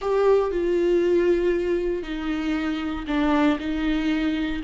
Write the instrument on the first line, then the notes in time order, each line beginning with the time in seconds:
viola
0.01 G4
0.51 F4
2.03 D#4
3.07 D4
3.59 D#4